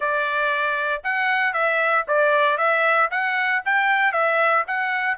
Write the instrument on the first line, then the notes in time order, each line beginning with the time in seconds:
trumpet
0.00 D5
1.03 F#5
1.53 E5
2.07 D5
2.57 E5
3.10 F#5
3.65 G5
4.12 E5
4.67 F#5